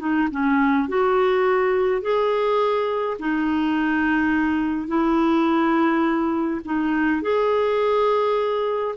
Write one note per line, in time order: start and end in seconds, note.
0.00 0.29 D#4
0.32 0.89 C#4
0.89 2.02 F#4
2.02 3.18 G#4
3.20 4.88 D#4
4.88 6.61 E4
6.66 7.22 D#4
7.22 8.96 G#4